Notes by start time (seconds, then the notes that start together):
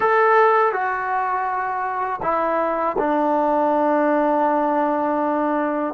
0.00 A4
0.72 F#4
2.22 E4
2.98 D4